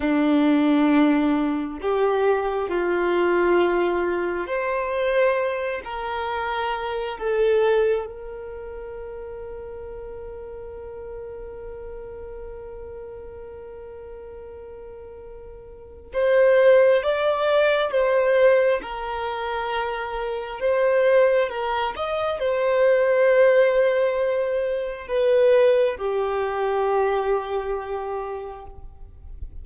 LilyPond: \new Staff \with { instrumentName = "violin" } { \time 4/4 \tempo 4 = 67 d'2 g'4 f'4~ | f'4 c''4. ais'4. | a'4 ais'2.~ | ais'1~ |
ais'2 c''4 d''4 | c''4 ais'2 c''4 | ais'8 dis''8 c''2. | b'4 g'2. | }